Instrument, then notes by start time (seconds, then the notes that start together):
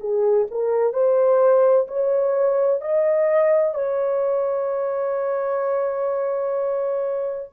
horn
0.00 G#4
0.51 A#4
0.93 C5
1.87 C#5
2.81 D#5
3.75 C#5